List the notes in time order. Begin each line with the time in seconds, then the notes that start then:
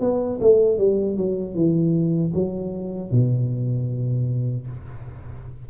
0.00 B3
0.41 A3
0.78 G3
1.17 F#3
1.54 E3
2.34 F#3
3.11 B2